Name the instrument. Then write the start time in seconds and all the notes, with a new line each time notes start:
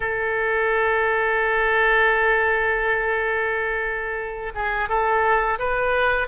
oboe
0.00 A4
4.54 G#4
4.88 A4
5.58 B4